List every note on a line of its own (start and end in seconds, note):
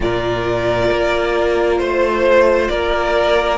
0.00 0.89 A#2
0.00 3.57 F4
0.00 1.81 A#4
0.00 1.78 D5
0.91 1.79 A#3
1.78 2.69 A3
1.78 2.67 C5
1.78 2.71 C5
2.68 3.57 A#3
2.68 3.57 A#4
2.68 3.57 D5